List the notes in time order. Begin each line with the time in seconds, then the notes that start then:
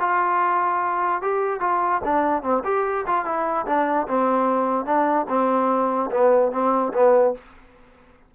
0.00 F4
1.22 G4
1.61 F4
2.05 D4
2.43 C4
2.65 G4
3.07 F4
3.25 E4
3.66 D4
4.08 C4
4.86 D4
5.29 C4
6.11 B3
6.52 C4
6.94 B3